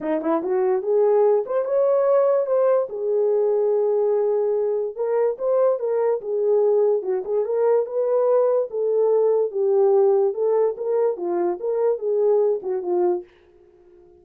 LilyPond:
\new Staff \with { instrumentName = "horn" } { \time 4/4 \tempo 4 = 145 dis'8 e'8 fis'4 gis'4. c''8 | cis''2 c''4 gis'4~ | gis'1 | ais'4 c''4 ais'4 gis'4~ |
gis'4 fis'8 gis'8 ais'4 b'4~ | b'4 a'2 g'4~ | g'4 a'4 ais'4 f'4 | ais'4 gis'4. fis'8 f'4 | }